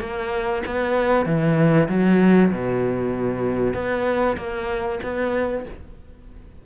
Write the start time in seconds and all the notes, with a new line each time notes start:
0.00 A#3
0.66 B3
1.26 E3
1.88 F#3
2.52 B2
3.74 B3
4.37 A#3
5.03 B3